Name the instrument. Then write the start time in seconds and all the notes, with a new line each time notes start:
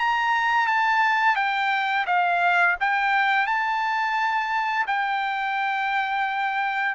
trumpet
0.00 A#5
0.68 A5
1.36 G5
2.07 F5
2.81 G5
3.47 A5
4.87 G5